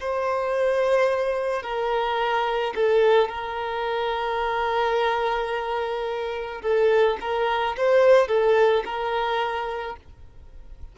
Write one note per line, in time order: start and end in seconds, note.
0.00 1.63 C5
1.63 2.74 A#4
2.75 3.28 A4
3.28 6.62 A#4
6.62 7.18 A4
7.21 7.76 A#4
7.77 8.28 C5
8.28 8.83 A4
8.85 9.96 A#4